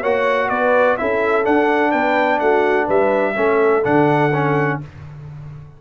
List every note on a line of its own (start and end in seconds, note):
0.00 0.50 A#3
0.00 0.98 F#4
0.00 0.48 C#5
0.00 0.49 F#5
0.49 0.97 B3
0.49 0.99 B4
0.49 0.96 D5
0.97 1.47 C#4
0.97 1.44 E4
0.97 1.91 A4
0.97 1.44 E5
1.44 3.34 D4
1.44 1.93 D4
1.44 1.91 F#5
1.91 2.40 B3
1.91 2.39 B4
1.91 2.39 G5
2.39 2.88 A3
2.39 2.86 F#4
2.39 2.87 F#5
2.86 3.36 G3
2.86 3.33 B4
2.86 3.84 E5
3.35 3.84 A3
3.35 3.83 C#4
3.35 4.81 A4
3.84 4.80 D3
3.84 4.31 D4
3.84 4.79 F#5
4.33 4.81 C#4